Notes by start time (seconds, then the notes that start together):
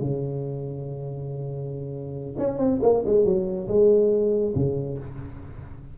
0.00 C#3
2.38 C#4
2.58 C4
2.82 A#3
3.05 G#3
3.24 F#3
3.68 G#3
4.55 C#3